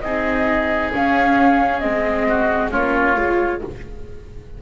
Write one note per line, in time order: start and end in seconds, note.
0.00 0.92 C4
0.00 0.92 D#4
0.00 2.28 G#4
0.00 0.90 D#5
0.92 1.81 C#4
0.92 1.84 C#4
0.92 1.79 F5
1.79 2.74 G#3
1.79 2.70 C4
1.79 2.69 D#5
2.28 2.71 F#4
2.70 3.17 A#3
2.70 3.15 C#4
2.70 3.60 F4
2.70 3.61 C#5
3.16 3.61 G#3
3.16 3.61 F4